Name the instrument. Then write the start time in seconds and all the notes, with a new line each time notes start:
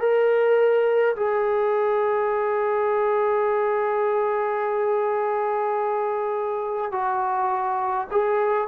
trombone
0.00 A#4
1.16 G#4
6.92 F#4
8.11 G#4